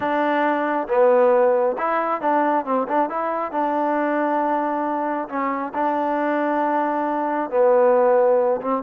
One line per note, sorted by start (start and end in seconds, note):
0.00 0.87 D4
0.88 1.76 B3
1.78 2.21 E4
2.21 2.65 D4
2.65 2.87 C4
2.88 3.09 D4
3.09 3.51 E4
3.51 5.28 D4
5.28 5.72 C#4
5.74 7.50 D4
7.50 8.60 B3
8.61 8.82 C4